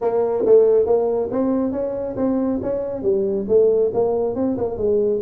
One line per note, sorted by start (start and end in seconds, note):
0.01 0.44 A#3
0.45 0.85 A3
0.85 1.29 A#3
1.31 1.72 C4
1.72 2.15 C#4
2.16 2.60 C4
2.62 3.02 C#4
3.02 3.45 G3
3.48 3.91 A3
3.93 4.35 A#3
4.35 4.57 C4
4.57 4.77 A#3
4.77 5.20 G#3